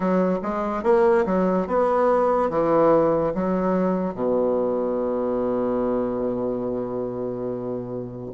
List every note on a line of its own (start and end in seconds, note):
0.00 0.39 F#3
0.42 0.83 G#3
0.83 1.24 A#3
1.25 1.67 F#3
1.67 2.49 B3
2.49 3.33 E3
3.34 4.14 F#3
4.14 8.31 B2